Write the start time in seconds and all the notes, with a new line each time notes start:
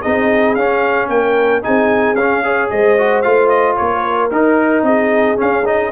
0.00 C4 D#4 G#4 D#5
0.55 C#4 F5
1.08 A#3 A#4 G5
1.62 C4 D#4 G#4 G#5
2.15 C#4 F5
2.43 G#4 C#5
2.70 G#3 C5 D#5
2.98 F#4
3.21 A3 F4 F5
3.49 D#5
3.76 A#3 A#4 C#5
4.30 D#4 A#4
4.82 C4 G#4 D#5
5.36 C#4 F5
5.65 D#4 D#5